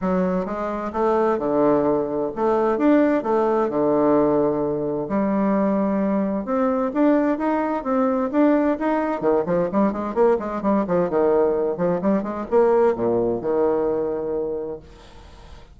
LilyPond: \new Staff \with { instrumentName = "bassoon" } { \time 4/4 \tempo 4 = 130 fis4 gis4 a4 d4~ | d4 a4 d'4 a4 | d2. g4~ | g2 c'4 d'4 |
dis'4 c'4 d'4 dis'4 | dis8 f8 g8 gis8 ais8 gis8 g8 f8 | dis4. f8 g8 gis8 ais4 | ais,4 dis2. | }